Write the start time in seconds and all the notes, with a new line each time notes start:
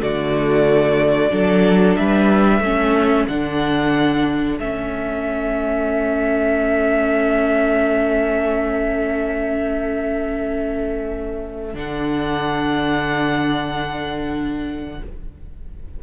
0.00 D3 A3 F#4 D5
1.31 F#3 D4 A4
1.96 G3 B4 E5
2.60 A3 C#4 A4
3.28 D3 D4 F#5
4.60 A3 C#4 E5
11.74 D3 D4 F#5